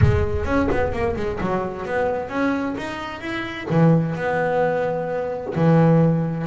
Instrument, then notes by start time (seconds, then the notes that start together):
double bass
0.01 G#3
0.45 C#4
0.71 B3
0.92 A#3
1.16 G#3
1.41 F#3
1.85 B3
2.29 C#4
2.77 D#4
3.21 E4
3.69 E3
4.15 B3
5.55 E3